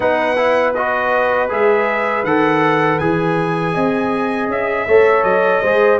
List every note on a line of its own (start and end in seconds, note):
0.00 1.50 B3
0.00 0.37 D#4
0.00 3.74 B4
0.00 0.74 F#5
0.37 0.74 E4
0.74 1.49 F#4
0.74 1.49 D#5
1.49 2.23 G#3
1.49 2.24 G#4
1.49 2.24 E5
2.23 2.98 D#3
2.23 3.00 A4
2.23 2.99 F#5
2.99 3.75 E3
2.99 4.88 G#4
2.99 4.49 G#5
3.74 4.48 C4
3.74 4.86 D#5
4.48 4.85 C#4
4.48 5.23 E5
4.87 5.23 A3
4.87 5.63 A4
4.87 5.62 C#5
5.23 5.61 F#3
5.23 5.98 D#5
5.62 5.99 G#3
5.62 5.99 G#4
5.62 5.99 C5